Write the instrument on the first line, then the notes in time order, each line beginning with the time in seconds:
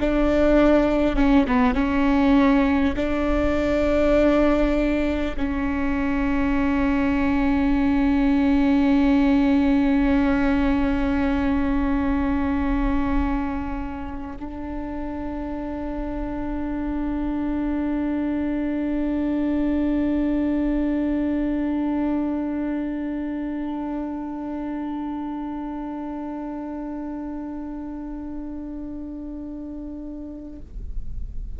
viola
0.00 D4
1.17 C#4
1.47 B3
1.75 C#4
2.96 D4
5.37 C#4
14.40 D4